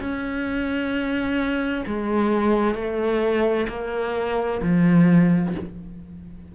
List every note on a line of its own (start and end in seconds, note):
0.00 1.85 C#4
1.87 2.75 G#3
2.75 3.67 A3
3.69 4.61 A#3
4.62 5.55 F3